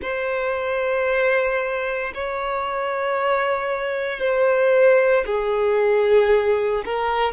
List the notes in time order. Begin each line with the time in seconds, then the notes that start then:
0.01 C5
2.14 C#5
4.19 C5
5.25 G#4
6.85 A#4